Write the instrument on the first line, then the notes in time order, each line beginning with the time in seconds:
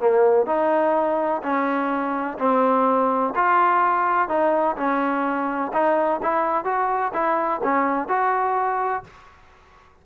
trombone
0.00 A#3
0.47 D#4
1.43 C#4
2.39 C4
3.36 F4
4.29 D#4
4.77 C#4
5.73 D#4
6.23 E4
6.65 F#4
7.14 E4
7.64 C#4
8.09 F#4